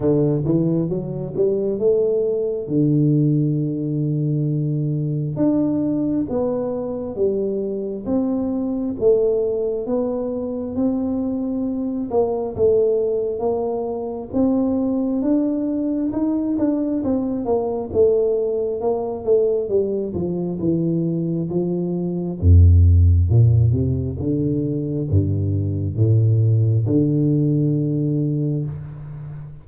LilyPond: \new Staff \with { instrumentName = "tuba" } { \time 4/4 \tempo 4 = 67 d8 e8 fis8 g8 a4 d4~ | d2 d'4 b4 | g4 c'4 a4 b4 | c'4. ais8 a4 ais4 |
c'4 d'4 dis'8 d'8 c'8 ais8 | a4 ais8 a8 g8 f8 e4 | f4 f,4 ais,8 c8 d4 | g,4 a,4 d2 | }